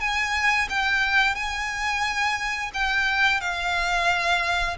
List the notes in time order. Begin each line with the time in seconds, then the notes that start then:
0.00 G#5
0.69 G5
1.35 G#5
2.74 G5
3.41 F5